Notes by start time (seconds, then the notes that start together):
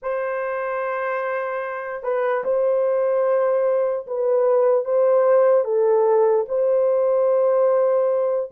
0.02 C5
2.03 B4
2.44 C5
4.07 B4
4.84 C5
5.64 A4
6.48 C5